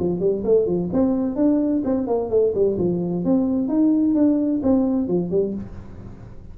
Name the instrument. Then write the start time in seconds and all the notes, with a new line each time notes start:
tuba
0.00 F3
0.20 G3
0.45 A3
0.67 F3
0.93 C4
1.36 D4
1.85 C4
2.07 A#3
2.30 A3
2.55 G3
2.79 F3
3.25 C4
3.69 D#4
4.15 D4
4.63 C4
5.08 F3
5.31 G3